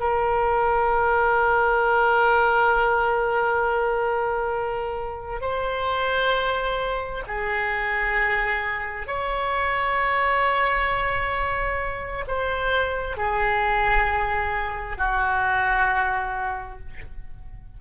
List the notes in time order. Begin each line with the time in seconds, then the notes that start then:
0.00 A#4
5.41 C5
7.27 G#4
9.07 C#5
12.28 C5
13.17 G#4
14.98 F#4